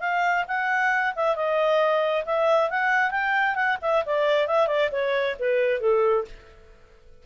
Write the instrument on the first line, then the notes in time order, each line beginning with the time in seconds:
clarinet
0.00 F5
0.47 F#5
1.16 E5
1.35 D#5
2.25 E5
2.70 F#5
3.11 G5
3.55 F#5
3.81 E5
4.05 D5
4.47 E5
4.67 D5
4.92 C#5
5.39 B4
5.80 A4